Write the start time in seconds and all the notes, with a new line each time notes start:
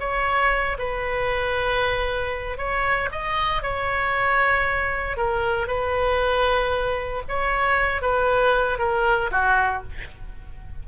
0.00 C#5
0.79 B4
2.58 C#5
3.12 D#5
3.63 C#5
5.17 A#4
5.68 B4
7.29 C#5
8.02 B4
8.79 A#4
9.32 F#4